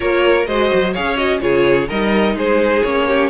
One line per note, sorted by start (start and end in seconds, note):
0.00 0.47 A#3
0.00 0.46 F4
0.00 0.47 A#4
0.00 0.46 C#5
0.46 0.71 G#3
0.46 0.94 F#4
0.46 0.92 C5
0.46 0.93 D#5
0.73 0.97 F#3
0.92 1.42 C#4
0.92 1.17 G#4
0.92 1.40 C#5
0.92 1.16 F5
1.16 1.39 F#4
1.16 1.40 D#5
1.39 1.89 C#3
1.39 1.86 F4
1.39 1.88 G#4
1.39 1.88 C#5
1.88 2.35 G3
1.88 2.84 D#4
1.88 2.35 A#4
1.88 2.37 D#5
2.35 2.82 G#3
2.35 3.07 G#4
2.35 2.82 C5
2.82 3.30 A#3
2.82 3.30 C#4
2.82 3.30 C#5
3.07 3.30 G4